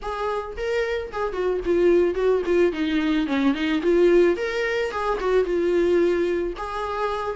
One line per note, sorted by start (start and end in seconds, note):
0.01 0.56 G#4
0.57 1.11 A#4
1.12 1.32 G#4
1.32 1.60 F#4
1.65 2.14 F4
2.14 2.42 F#4
2.45 2.72 F4
2.72 3.26 D#4
3.26 3.54 C#4
3.54 3.81 D#4
3.82 4.37 F4
4.37 4.91 A#4
4.91 5.18 G#4
5.20 5.44 F#4
5.44 6.53 F4
6.57 7.36 G#4